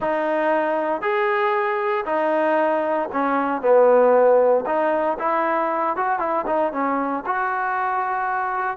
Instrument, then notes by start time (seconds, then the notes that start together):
trombone
0.00 D#4
1.01 G#4
2.05 D#4
3.12 C#4
3.61 B3
4.66 D#4
5.18 E4
5.96 F#4
6.19 E4
6.46 D#4
6.72 C#4
7.26 F#4